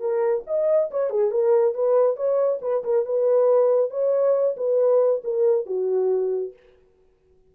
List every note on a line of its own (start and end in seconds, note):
0.00 0.43 A#4
0.47 0.90 D#5
0.91 1.10 C#5
1.10 1.31 G#4
1.31 1.75 A#4
1.75 2.16 B4
2.16 2.60 C#5
2.62 2.83 B4
2.84 3.06 A#4
3.06 3.91 B4
3.91 4.56 C#5
4.57 5.22 B4
5.24 5.66 A#4
5.66 6.53 F#4